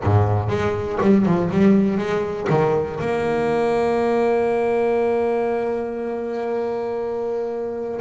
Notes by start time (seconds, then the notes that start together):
0.03 G#2
0.48 G#3
1.00 G3
1.25 F3
1.51 G3
1.97 G#3
2.49 D#3
3.00 A#3